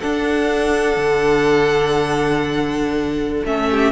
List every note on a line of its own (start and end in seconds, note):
0.00 3.46 D4
0.00 0.97 D4
0.00 3.69 A4
0.00 3.45 F#5
0.97 3.43 D3
3.45 3.92 A3
3.45 3.92 C#4
3.45 3.92 E5
3.71 3.92 G4